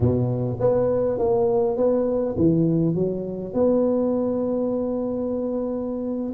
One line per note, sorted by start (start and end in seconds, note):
0.00 0.57 B2
0.60 1.18 B3
1.18 1.76 A#3
1.76 2.35 B3
2.37 2.94 E3
2.94 3.53 F#3
3.53 6.33 B3